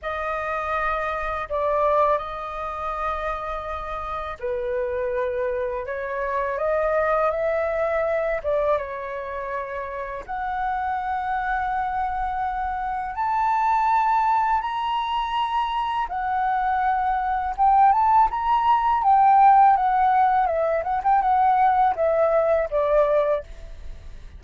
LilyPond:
\new Staff \with { instrumentName = "flute" } { \time 4/4 \tempo 4 = 82 dis''2 d''4 dis''4~ | dis''2 b'2 | cis''4 dis''4 e''4. d''8 | cis''2 fis''2~ |
fis''2 a''2 | ais''2 fis''2 | g''8 a''8 ais''4 g''4 fis''4 | e''8 fis''16 g''16 fis''4 e''4 d''4 | }